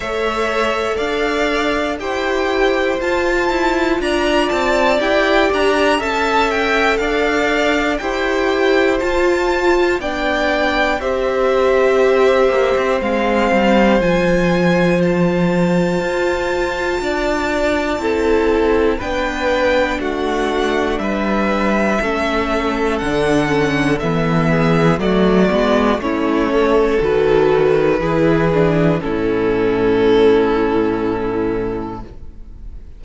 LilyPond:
<<
  \new Staff \with { instrumentName = "violin" } { \time 4/4 \tempo 4 = 60 e''4 f''4 g''4 a''4 | ais''8 a''8 g''8 ais''8 a''8 g''8 f''4 | g''4 a''4 g''4 e''4~ | e''4 f''4 gis''4 a''4~ |
a''2. g''4 | fis''4 e''2 fis''4 | e''4 d''4 cis''4 b'4~ | b'4 a'2. | }
  \new Staff \with { instrumentName = "violin" } { \time 4/4 cis''4 d''4 c''2 | d''2 e''4 d''4 | c''2 d''4 c''4~ | c''1~ |
c''4 d''4 a'4 b'4 | fis'4 b'4 a'2~ | a'8 gis'8 fis'4 e'8 a'4. | gis'4 e'2. | }
  \new Staff \with { instrumentName = "viola" } { \time 4/4 a'2 g'4 f'4~ | f'4 g'4 a'2 | g'4 f'4 d'4 g'4~ | g'4 c'4 f'2~ |
f'2 e'4 d'4~ | d'2 cis'4 d'8 cis'8 | b4 a8 b8 cis'4 fis'4 | e'8 d'8 cis'2. | }
  \new Staff \with { instrumentName = "cello" } { \time 4/4 a4 d'4 e'4 f'8 e'8 | d'8 c'8 e'8 d'8 cis'4 d'4 | e'4 f'4 b4 c'4~ | c'8 ais16 c'16 gis8 g8 f2 |
f'4 d'4 c'4 b4 | a4 g4 a4 d4 | e4 fis8 gis8 a4 dis4 | e4 a,2. | }
>>